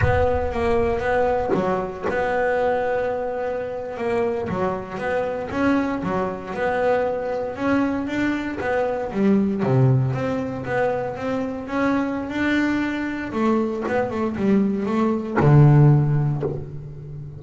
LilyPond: \new Staff \with { instrumentName = "double bass" } { \time 4/4 \tempo 4 = 117 b4 ais4 b4 fis4 | b2.~ b8. ais16~ | ais8. fis4 b4 cis'4 fis16~ | fis8. b2 cis'4 d'16~ |
d'8. b4 g4 c4 c'16~ | c'8. b4 c'4 cis'4~ cis'16 | d'2 a4 b8 a8 | g4 a4 d2 | }